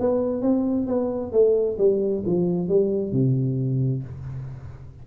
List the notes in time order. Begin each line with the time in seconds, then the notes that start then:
0.00 B3
0.42 C4
0.87 B3
1.32 A3
1.79 G3
2.26 F3
2.69 G3
3.12 C3